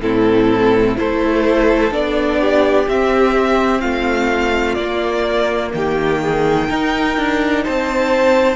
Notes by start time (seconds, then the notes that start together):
0.00 A2 C4 E4 A4
0.95 A3 E4 A4 C5
1.91 B3 D4 D5
2.40 G4
2.87 C4 E5
3.80 A3 F4 F5
4.74 A#3 D5
5.73 D#3 G4 G5
6.21 G#4
6.68 D#4 A#4
7.17 D4
7.63 C4 C5 A5